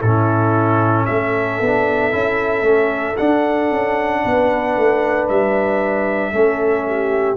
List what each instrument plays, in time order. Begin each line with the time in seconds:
0.00 tuba A2, trombone C#4, horn E4, trumpet A4
1.06 tuba A3, horn A4, trumpet E5
1.61 tuba B3, trombone D4
2.12 tuba C#4, trombone E4
2.62 tuba A3, trombone C#4
3.18 trombone D4, tuba D4, trumpet F#5
3.72 tuba C#4
4.25 tuba B3, horn B4
4.77 tuba A3
5.29 tuba G3, trumpet E5
6.33 tuba A3, trombone C#4, horn A4
6.87 horn G4